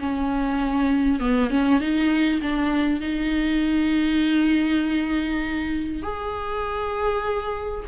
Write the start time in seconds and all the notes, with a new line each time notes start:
0.00 C#4
1.20 B3
1.50 C#4
1.80 D#4
2.42 D4
3.01 D#4
6.02 G#4